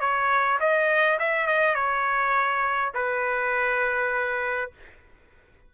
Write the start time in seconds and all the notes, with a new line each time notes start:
0.00 C#5
0.60 D#5
1.19 E5
1.47 D#5
1.75 C#5
2.94 B4